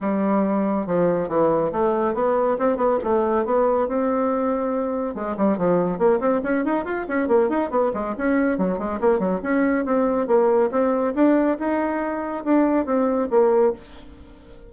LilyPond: \new Staff \with { instrumentName = "bassoon" } { \time 4/4 \tempo 4 = 140 g2 f4 e4 | a4 b4 c'8 b8 a4 | b4 c'2. | gis8 g8 f4 ais8 c'8 cis'8 dis'8 |
f'8 cis'8 ais8 dis'8 b8 gis8 cis'4 | fis8 gis8 ais8 fis8 cis'4 c'4 | ais4 c'4 d'4 dis'4~ | dis'4 d'4 c'4 ais4 | }